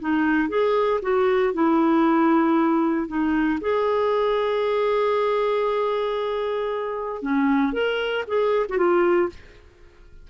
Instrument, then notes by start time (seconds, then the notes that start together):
clarinet
0.00 D#4
0.49 G#4
1.02 F#4
1.54 E4
3.08 D#4
3.61 G#4
7.22 C#4
7.73 A#4
8.28 G#4
8.69 F#4
8.78 F4